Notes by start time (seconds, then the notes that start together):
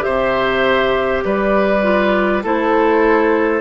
0.00 C3 G4 C5 E5
1.24 G3 B4 D5
1.83 F4
2.44 A3 E4 A4 C5